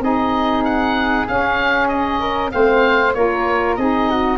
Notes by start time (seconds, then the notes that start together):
0.00 C4 D#4 G#4 D#5
0.64 F#5
1.27 C#4 F5
1.88 D#5
2.20 A#4
2.50 A3 C4 C5 F5
3.14 A#3 F4 A#4 C#5
3.76 C4 D#4 G#4 D#5
4.10 F#4